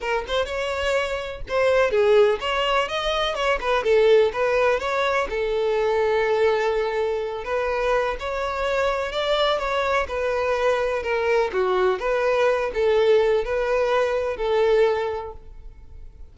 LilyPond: \new Staff \with { instrumentName = "violin" } { \time 4/4 \tempo 4 = 125 ais'8 c''8 cis''2 c''4 | gis'4 cis''4 dis''4 cis''8 b'8 | a'4 b'4 cis''4 a'4~ | a'2.~ a'8 b'8~ |
b'4 cis''2 d''4 | cis''4 b'2 ais'4 | fis'4 b'4. a'4. | b'2 a'2 | }